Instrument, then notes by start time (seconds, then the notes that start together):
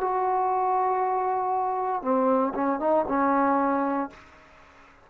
trombone
0.00 F#4
2.02 C4
2.54 C#4
2.79 D#4
3.08 C#4